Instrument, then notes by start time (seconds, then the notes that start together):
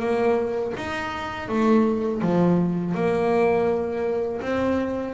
double bass
0.00 A#3
0.77 D#4
1.49 A3
2.22 F3
2.95 A#3
4.41 C4